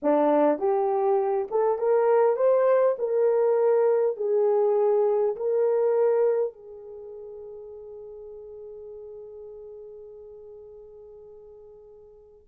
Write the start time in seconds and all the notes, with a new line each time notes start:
0.02 D4
0.59 G4
1.50 A4
1.78 A#4
2.36 C5
2.98 A#4
4.16 G#4
5.36 A#4
6.53 G#4